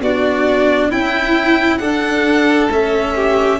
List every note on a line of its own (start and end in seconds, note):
0.00 0.90 B3
0.00 0.92 D4
0.00 0.90 F#4
0.00 0.91 D5
0.90 1.81 C#4
0.90 1.79 E4
0.90 1.78 G5
1.78 2.69 D4
1.78 3.14 A4
1.78 2.67 F#5
2.69 3.59 A3
2.69 3.60 C#4
2.69 3.60 E5
3.15 3.60 G4